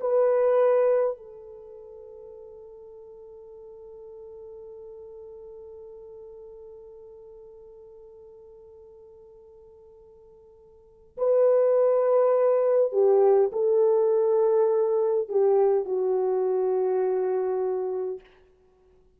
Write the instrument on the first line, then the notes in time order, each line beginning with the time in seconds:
horn
0.00 B4
1.17 A4
11.17 B4
12.92 G4
13.52 A4
15.28 G4
15.84 F#4